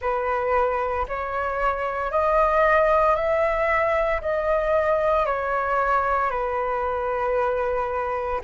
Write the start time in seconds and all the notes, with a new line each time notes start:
0.01 B4
1.08 C#5
2.11 D#5
3.15 E5
4.21 D#5
5.25 C#5
6.30 B4